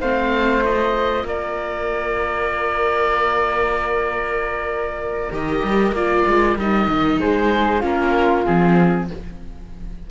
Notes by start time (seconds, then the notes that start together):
0.00 A3 C4 C5 F5
0.64 F4 D#5
1.23 A#3 A#4 D5
5.32 D#3 G4 D#5
5.64 G3
5.91 A#3 F4 D5
6.27 G#3
6.56 G3 D#4 D#5
6.88 D#3
7.20 G#3 G#4 C5
7.80 A#3 C#4 F4 A#4
8.45 F3 C4 G#4